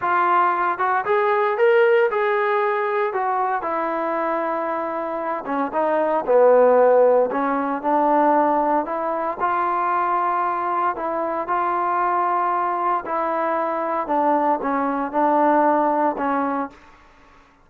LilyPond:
\new Staff \with { instrumentName = "trombone" } { \time 4/4 \tempo 4 = 115 f'4. fis'8 gis'4 ais'4 | gis'2 fis'4 e'4~ | e'2~ e'8 cis'8 dis'4 | b2 cis'4 d'4~ |
d'4 e'4 f'2~ | f'4 e'4 f'2~ | f'4 e'2 d'4 | cis'4 d'2 cis'4 | }